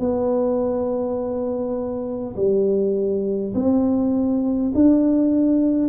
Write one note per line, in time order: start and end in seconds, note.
0.00 2.35 B3
2.36 3.54 G3
3.55 4.72 C4
4.75 5.89 D4